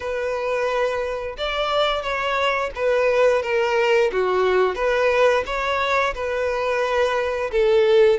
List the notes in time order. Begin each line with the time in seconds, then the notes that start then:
0.00 B4
1.37 D5
2.02 C#5
2.75 B4
3.42 A#4
4.12 F#4
4.75 B4
5.45 C#5
6.14 B4
7.51 A4